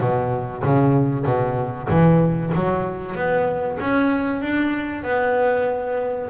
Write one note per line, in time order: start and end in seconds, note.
0.00 0.63 B2
0.63 1.25 C#3
1.25 1.88 B2
1.89 2.53 E3
2.54 3.15 F#3
3.15 3.78 B3
3.80 4.41 C#4
4.41 5.03 D4
5.03 6.29 B3